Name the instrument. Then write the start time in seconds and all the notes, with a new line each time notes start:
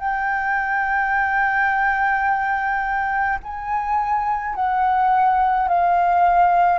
flute
0.00 G5
3.43 G#5
4.55 F#5
5.69 F5